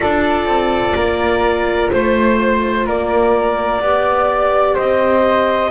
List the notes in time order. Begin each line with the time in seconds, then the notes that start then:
0.00 D4 F4 A4 D5
0.45 C4
0.94 A#3 A#4
1.90 A3 C5
2.86 A#3 A#4 D5
3.81 B3 G4 D5
4.74 C4 C5 D#5